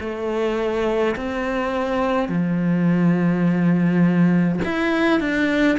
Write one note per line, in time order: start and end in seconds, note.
0.00 1.15 A3
1.16 2.29 C4
2.29 4.59 F3
4.65 5.20 E4
5.20 5.78 D4